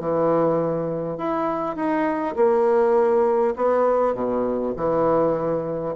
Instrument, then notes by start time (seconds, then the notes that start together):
bassoon
0.00 E3
1.17 E4
1.76 D#4
2.36 A#3
3.56 B3
4.14 B2
4.77 E3